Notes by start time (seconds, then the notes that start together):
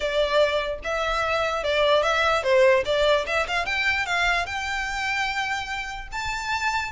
0.00 D5
0.83 E5
1.63 D5
2.02 E5
2.43 C5
2.85 D5
3.26 E5
3.47 F5
3.65 G5
4.06 F5
4.45 G5
6.12 A5